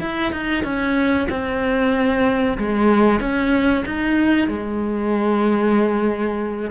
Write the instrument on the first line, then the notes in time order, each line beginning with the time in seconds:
cello
0.00 E4
0.31 D#4
0.64 C#4
1.29 C4
2.58 G#3
3.20 C#4
3.86 D#4
4.47 G#3